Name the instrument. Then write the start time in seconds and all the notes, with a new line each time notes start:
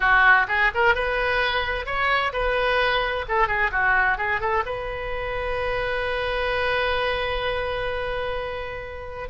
oboe
0.00 F#4
0.48 G#4
0.74 A#4
0.94 B4
1.86 C#5
2.32 B4
3.28 A4
3.47 G#4
3.71 F#4
4.17 G#4
4.40 A4
4.65 B4